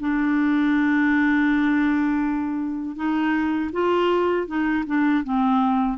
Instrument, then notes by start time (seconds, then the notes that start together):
clarinet
0.00 D4
2.96 D#4
3.73 F4
4.47 D#4
4.86 D4
5.24 C4